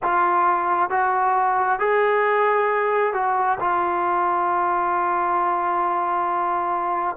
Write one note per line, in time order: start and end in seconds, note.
0.02 0.90 F4
0.90 1.79 F#4
1.79 3.13 G#4
3.13 3.58 F#4
3.60 7.16 F4